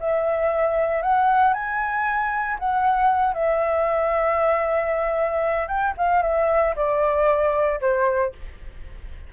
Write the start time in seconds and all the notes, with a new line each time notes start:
0.00 E5
1.03 F#5
1.54 G#5
2.59 F#5
3.34 E5
5.68 G5
5.98 F5
6.23 E5
6.76 D5
7.81 C5